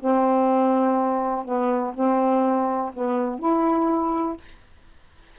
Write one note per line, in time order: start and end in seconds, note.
0.00 1.45 C4
1.45 1.94 B3
1.94 2.92 C4
2.94 3.39 B3
3.39 4.37 E4